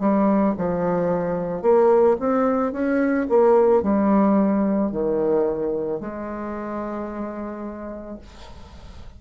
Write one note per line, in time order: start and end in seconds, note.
0.00 0.55 G3
0.58 1.62 F3
1.62 2.17 A#3
2.20 2.73 C4
2.73 3.27 C#4
3.30 3.83 A#3
3.83 4.92 G3
4.92 6.00 D#3
6.00 8.19 G#3